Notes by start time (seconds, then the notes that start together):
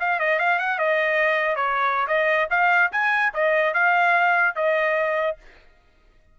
0.00 F5
0.19 D#5
0.40 F5
0.59 F#5
0.79 D#5
1.56 C#5
2.08 D#5
2.50 F5
2.92 G#5
3.34 D#5
3.74 F5
4.56 D#5